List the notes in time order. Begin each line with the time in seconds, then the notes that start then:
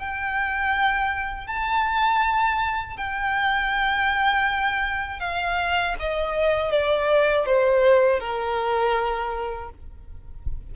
0.00 G5
1.48 A5
2.98 G5
5.20 F5
6.00 D#5
6.72 D5
7.46 C5
8.20 A#4